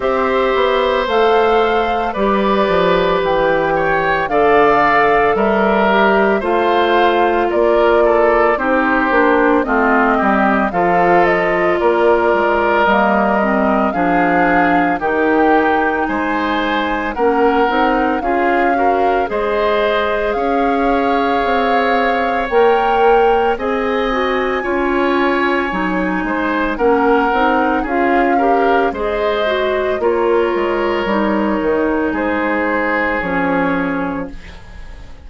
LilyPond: <<
  \new Staff \with { instrumentName = "flute" } { \time 4/4 \tempo 4 = 56 e''4 f''4 d''4 g''4 | f''4 e''4 f''4 d''4 | c''4 dis''4 f''8 dis''8 d''4 | dis''4 f''4 g''4 gis''4 |
fis''4 f''4 dis''4 f''4~ | f''4 g''4 gis''2~ | gis''4 fis''4 f''4 dis''4 | cis''2 c''4 cis''4 | }
  \new Staff \with { instrumentName = "oboe" } { \time 4/4 c''2 b'4. cis''8 | d''4 ais'4 c''4 ais'8 a'8 | g'4 f'8 g'8 a'4 ais'4~ | ais'4 gis'4 g'4 c''4 |
ais'4 gis'8 ais'8 c''4 cis''4~ | cis''2 dis''4 cis''4~ | cis''8 c''8 ais'4 gis'8 ais'8 c''4 | ais'2 gis'2 | }
  \new Staff \with { instrumentName = "clarinet" } { \time 4/4 g'4 a'4 g'2 | a'4. g'8 f'2 | dis'8 d'8 c'4 f'2 | ais8 c'8 d'4 dis'2 |
cis'8 dis'8 f'8 fis'8 gis'2~ | gis'4 ais'4 gis'8 fis'8 f'4 | dis'4 cis'8 dis'8 f'8 g'8 gis'8 fis'8 | f'4 dis'2 cis'4 | }
  \new Staff \with { instrumentName = "bassoon" } { \time 4/4 c'8 b8 a4 g8 f8 e4 | d4 g4 a4 ais4 | c'8 ais8 a8 g8 f4 ais8 gis8 | g4 f4 dis4 gis4 |
ais8 c'8 cis'4 gis4 cis'4 | c'4 ais4 c'4 cis'4 | fis8 gis8 ais8 c'8 cis'4 gis4 | ais8 gis8 g8 dis8 gis4 f4 | }
>>